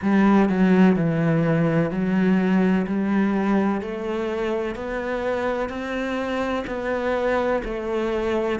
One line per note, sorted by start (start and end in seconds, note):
0.02 0.48 G3
0.48 0.95 F#3
0.95 1.90 E3
1.90 2.86 F#3
2.87 3.81 G3
3.81 4.75 A3
4.75 5.69 B3
5.69 6.64 C4
6.66 7.61 B3
7.64 8.59 A3